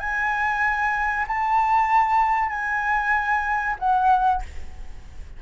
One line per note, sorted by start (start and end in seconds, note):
0.00 1.26 G#5
1.28 2.50 A5
2.50 3.76 G#5
3.80 4.43 F#5